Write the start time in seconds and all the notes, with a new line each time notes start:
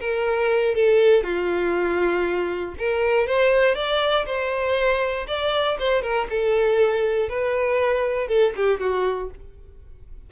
0.00 A#4
0.75 A4
1.23 F4
2.78 A#4
3.27 C5
3.75 D5
4.26 C5
5.27 D5
5.79 C5
6.02 A#4
6.30 A4
7.29 B4
8.28 A4
8.56 G4
8.80 F#4